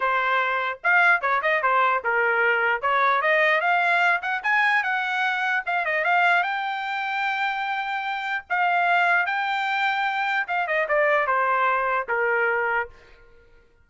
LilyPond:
\new Staff \with { instrumentName = "trumpet" } { \time 4/4 \tempo 4 = 149 c''2 f''4 cis''8 dis''8 | c''4 ais'2 cis''4 | dis''4 f''4. fis''8 gis''4 | fis''2 f''8 dis''8 f''4 |
g''1~ | g''4 f''2 g''4~ | g''2 f''8 dis''8 d''4 | c''2 ais'2 | }